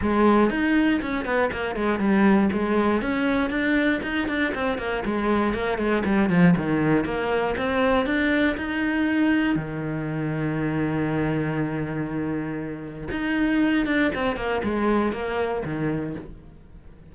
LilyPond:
\new Staff \with { instrumentName = "cello" } { \time 4/4 \tempo 4 = 119 gis4 dis'4 cis'8 b8 ais8 gis8 | g4 gis4 cis'4 d'4 | dis'8 d'8 c'8 ais8 gis4 ais8 gis8 | g8 f8 dis4 ais4 c'4 |
d'4 dis'2 dis4~ | dis1~ | dis2 dis'4. d'8 | c'8 ais8 gis4 ais4 dis4 | }